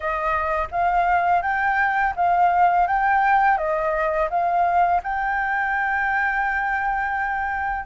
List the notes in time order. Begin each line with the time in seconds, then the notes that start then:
0.00 D#5
0.71 F5
1.42 G5
2.16 F5
2.87 G5
3.57 D#5
4.30 F5
5.03 G5